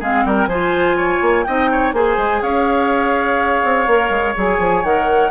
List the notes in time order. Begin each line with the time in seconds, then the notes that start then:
0.00 G#3 C4 G#4 F5
0.25 G3 A#4 G5
0.47 F3 F4 C5 G#5
0.97 C#5
1.22 A#3
1.44 C4 D#4 D#5 G5
1.71 C#5
1.93 A#3 G#4 C5 G#5
2.18 G#3
2.42 C#4 C#5 F5
3.64 C4
3.87 A#3 A#4
4.10 G#3
4.36 F#3 G#4 G#5
4.59 F3
4.84 D#3 A#4 F#5